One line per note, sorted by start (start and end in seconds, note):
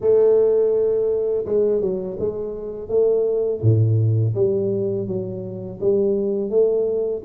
0.00 1.45 A3
1.45 1.81 G#3
1.81 2.17 F#3
2.19 2.88 G#3
2.88 3.61 A3
3.62 4.34 A2
4.34 5.07 G3
5.07 5.79 F#3
5.80 6.50 G3
6.50 7.22 A3